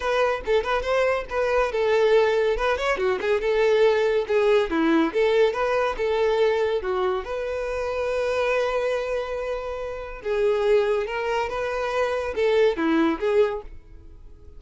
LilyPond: \new Staff \with { instrumentName = "violin" } { \time 4/4 \tempo 4 = 141 b'4 a'8 b'8 c''4 b'4 | a'2 b'8 cis''8 fis'8 gis'8 | a'2 gis'4 e'4 | a'4 b'4 a'2 |
fis'4 b'2.~ | b'1 | gis'2 ais'4 b'4~ | b'4 a'4 e'4 gis'4 | }